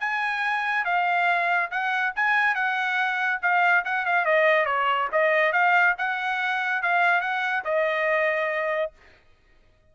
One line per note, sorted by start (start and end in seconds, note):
0.00 0.85 G#5
0.85 1.70 F5
1.71 2.13 F#5
2.15 2.55 G#5
2.55 3.40 F#5
3.42 3.84 F5
3.85 4.06 F#5
4.06 4.25 F5
4.25 4.66 D#5
4.66 5.08 C#5
5.12 5.52 D#5
5.52 5.95 F5
5.98 6.82 F#5
6.82 7.21 F5
7.21 7.63 F#5
7.64 8.92 D#5